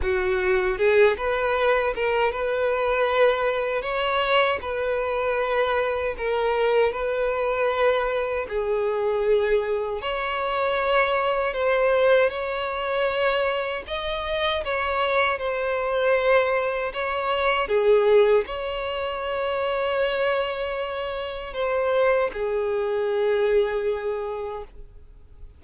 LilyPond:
\new Staff \with { instrumentName = "violin" } { \time 4/4 \tempo 4 = 78 fis'4 gis'8 b'4 ais'8 b'4~ | b'4 cis''4 b'2 | ais'4 b'2 gis'4~ | gis'4 cis''2 c''4 |
cis''2 dis''4 cis''4 | c''2 cis''4 gis'4 | cis''1 | c''4 gis'2. | }